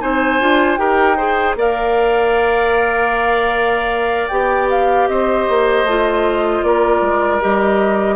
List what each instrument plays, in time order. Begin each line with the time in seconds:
0.00 bassoon C4, clarinet D#4, oboe C5, flute G#5
0.40 bassoon D4, clarinet F4
0.76 bassoon D#4, clarinet G4, oboe A#4, flute G5
1.16 clarinet G#4, oboe C5
1.55 bassoon A#3, clarinet A#4, oboe D5, flute F5
4.28 bassoon B3, clarinet G4, flute G5
4.69 flute F5
5.07 bassoon C4, oboe C5, flute D#5
5.48 bassoon A#3
5.83 bassoon A3, clarinet F4
6.62 bassoon A#3, oboe A#4, flute D5
7.00 bassoon G#3
7.40 bassoon G3, clarinet G4, flute D#5